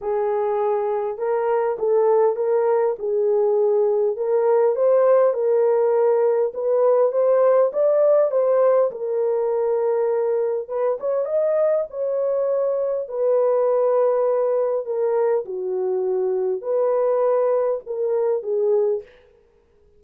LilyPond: \new Staff \with { instrumentName = "horn" } { \time 4/4 \tempo 4 = 101 gis'2 ais'4 a'4 | ais'4 gis'2 ais'4 | c''4 ais'2 b'4 | c''4 d''4 c''4 ais'4~ |
ais'2 b'8 cis''8 dis''4 | cis''2 b'2~ | b'4 ais'4 fis'2 | b'2 ais'4 gis'4 | }